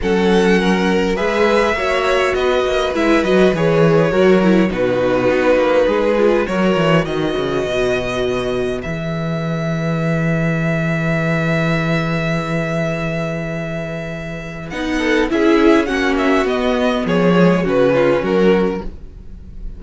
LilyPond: <<
  \new Staff \with { instrumentName = "violin" } { \time 4/4 \tempo 4 = 102 fis''2 e''2 | dis''4 e''8 dis''8 cis''2 | b'2. cis''4 | dis''2. e''4~ |
e''1~ | e''1~ | e''4 fis''4 e''4 fis''8 e''8 | dis''4 cis''4 b'4 ais'4 | }
  \new Staff \with { instrumentName = "violin" } { \time 4/4 a'4 ais'4 b'4 cis''4 | b'2. ais'4 | fis'2 gis'4 ais'4 | b'1~ |
b'1~ | b'1~ | b'4. a'8 gis'4 fis'4~ | fis'4 gis'4 fis'8 f'8 fis'4 | }
  \new Staff \with { instrumentName = "viola" } { \time 4/4 cis'2 gis'4 fis'4~ | fis'4 e'8 fis'8 gis'4 fis'8 e'8 | dis'2~ dis'8 f'8 fis'4~ | fis'2. gis'4~ |
gis'1~ | gis'1~ | gis'4 dis'4 e'4 cis'4 | b4. gis8 cis'2 | }
  \new Staff \with { instrumentName = "cello" } { \time 4/4 fis2 gis4 ais4 | b8 ais8 gis8 fis8 e4 fis4 | b,4 b8 ais8 gis4 fis8 e8 | dis8 cis8 b,2 e4~ |
e1~ | e1~ | e4 b4 cis'4 ais4 | b4 f4 cis4 fis4 | }
>>